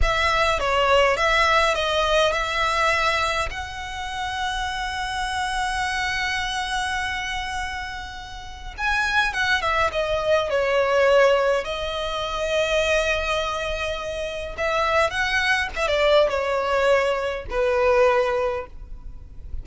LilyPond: \new Staff \with { instrumentName = "violin" } { \time 4/4 \tempo 4 = 103 e''4 cis''4 e''4 dis''4 | e''2 fis''2~ | fis''1~ | fis''2. gis''4 |
fis''8 e''8 dis''4 cis''2 | dis''1~ | dis''4 e''4 fis''4 e''16 d''8. | cis''2 b'2 | }